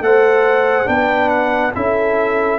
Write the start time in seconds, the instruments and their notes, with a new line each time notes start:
0.00 tuba A3, trombone A4, horn C5, trumpet F#5
0.85 tuba B3, trombone D4, horn B4, trumpet G5
1.29 trumpet F#5
1.74 tuba C#4, trombone E4, horn A4, trumpet E5